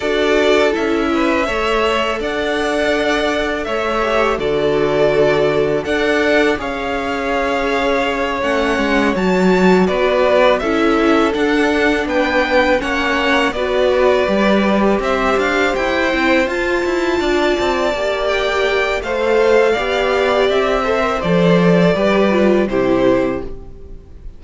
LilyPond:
<<
  \new Staff \with { instrumentName = "violin" } { \time 4/4 \tempo 4 = 82 d''4 e''2 fis''4~ | fis''4 e''4 d''2 | fis''4 f''2~ f''8 fis''8~ | fis''8 a''4 d''4 e''4 fis''8~ |
fis''8 g''4 fis''4 d''4.~ | d''8 e''8 f''8 g''4 a''4.~ | a''4 g''4 f''2 | e''4 d''2 c''4 | }
  \new Staff \with { instrumentName = "violin" } { \time 4/4 a'4. b'8 cis''4 d''4~ | d''4 cis''4 a'2 | d''4 cis''2.~ | cis''4. b'4 a'4.~ |
a'8 b'4 cis''4 b'4.~ | b'8 c''2. d''8~ | d''2 c''4 d''4~ | d''8 c''4. b'4 g'4 | }
  \new Staff \with { instrumentName = "viola" } { \time 4/4 fis'4 e'4 a'2~ | a'4. g'8 fis'2 | a'4 gis'2~ gis'8 cis'8~ | cis'8 fis'2 e'4 d'8~ |
d'4. cis'4 fis'4 g'8~ | g'2 e'8 f'4.~ | f'8 g'4. a'4 g'4~ | g'8 a'16 ais'16 a'4 g'8 f'8 e'4 | }
  \new Staff \with { instrumentName = "cello" } { \time 4/4 d'4 cis'4 a4 d'4~ | d'4 a4 d2 | d'4 cis'2~ cis'8 a8 | gis8 fis4 b4 cis'4 d'8~ |
d'8 b4 ais4 b4 g8~ | g8 c'8 d'8 e'8 c'8 f'8 e'8 d'8 | c'8 ais4. a4 b4 | c'4 f4 g4 c4 | }
>>